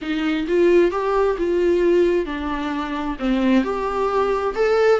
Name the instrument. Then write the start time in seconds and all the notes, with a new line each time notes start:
viola
0.01 D#4
0.47 F4
0.91 G4
1.38 F4
2.25 D4
3.19 C4
3.63 G4
4.55 A4